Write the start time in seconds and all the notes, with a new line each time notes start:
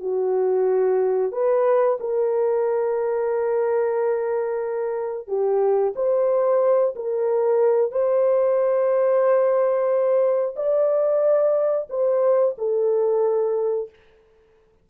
0.00 F#4
1.32 B4
2.00 A#4
5.27 G4
5.96 C5
6.95 A#4
7.91 C5
10.56 D5
11.89 C5
12.58 A4